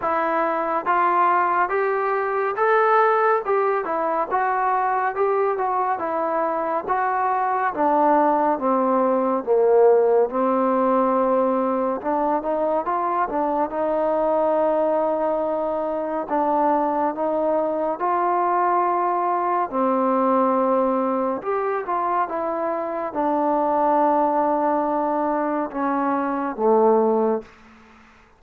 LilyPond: \new Staff \with { instrumentName = "trombone" } { \time 4/4 \tempo 4 = 70 e'4 f'4 g'4 a'4 | g'8 e'8 fis'4 g'8 fis'8 e'4 | fis'4 d'4 c'4 ais4 | c'2 d'8 dis'8 f'8 d'8 |
dis'2. d'4 | dis'4 f'2 c'4~ | c'4 g'8 f'8 e'4 d'4~ | d'2 cis'4 a4 | }